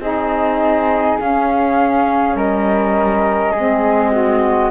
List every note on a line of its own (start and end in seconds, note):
0.00 1.18 C4
0.00 1.19 D#4
0.00 2.37 G#4
0.00 1.19 D#5
1.19 3.55 C#4
1.19 2.35 C#4
1.19 2.37 F5
2.35 3.52 G3
2.35 3.52 A#4
2.35 4.71 D#5
3.52 4.71 G#3
3.52 4.71 C4
3.52 4.11 G#4
4.12 4.71 F#4